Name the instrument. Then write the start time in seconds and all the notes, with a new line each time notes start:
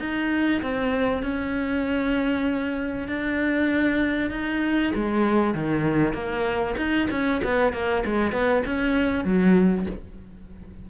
cello
0.00 D#4
0.62 C4
1.23 C#4
3.08 D4
4.31 D#4
4.95 G#3
5.54 D#3
6.13 A#3
6.77 D#4
7.10 C#4
7.44 B3
7.73 A#3
8.06 G#3
8.32 B3
8.66 C#4
9.24 F#3